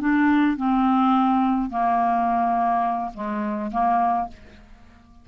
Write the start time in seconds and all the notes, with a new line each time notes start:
0.00 D4
0.57 C4
1.70 A#3
3.14 G#3
3.72 A#3